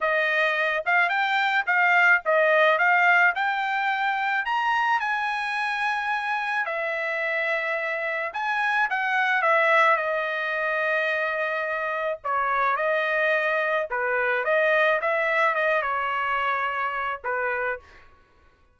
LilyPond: \new Staff \with { instrumentName = "trumpet" } { \time 4/4 \tempo 4 = 108 dis''4. f''8 g''4 f''4 | dis''4 f''4 g''2 | ais''4 gis''2. | e''2. gis''4 |
fis''4 e''4 dis''2~ | dis''2 cis''4 dis''4~ | dis''4 b'4 dis''4 e''4 | dis''8 cis''2~ cis''8 b'4 | }